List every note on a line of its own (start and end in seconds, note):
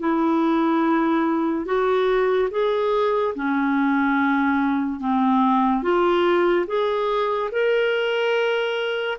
0.00 1.66 E4
1.66 2.49 F#4
2.52 3.35 G#4
3.36 5.00 C#4
5.00 5.83 C4
5.83 6.66 F4
6.67 7.51 G#4
7.52 9.19 A#4